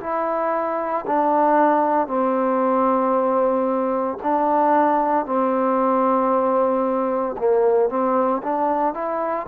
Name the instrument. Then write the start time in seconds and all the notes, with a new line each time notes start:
trombone
0.00 E4
1.07 D4
2.07 C4
4.23 D4
5.25 C4
7.38 A#3
7.89 C4
8.43 D4
8.94 E4